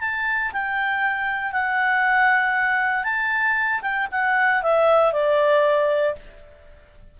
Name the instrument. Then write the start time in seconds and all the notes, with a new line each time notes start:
clarinet
0.00 A5
0.52 G5
1.52 F#5
3.03 A5
3.82 G5
4.11 F#5
4.62 E5
5.12 D5